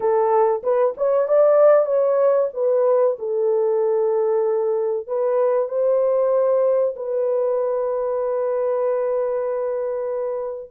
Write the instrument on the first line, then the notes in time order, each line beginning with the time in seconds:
horn
0.00 A4
0.63 B4
0.97 C#5
1.28 D5
1.85 C#5
2.53 B4
3.19 A4
5.07 B4
5.68 C5
6.96 B4